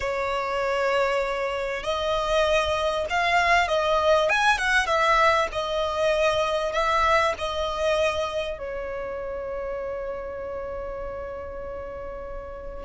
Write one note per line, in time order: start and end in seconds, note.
0.00 1.83 C#5
1.83 3.05 D#5
3.09 3.68 F5
3.68 4.29 D#5
4.29 4.58 G#5
4.58 4.86 F#5
4.86 5.47 E5
5.52 6.72 D#5
6.72 7.33 E5
7.38 8.58 D#5
8.58 12.85 C#5